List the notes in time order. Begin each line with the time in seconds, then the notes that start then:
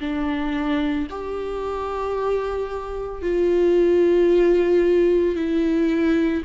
0.00 D4
1.10 G4
3.22 F4
5.36 E4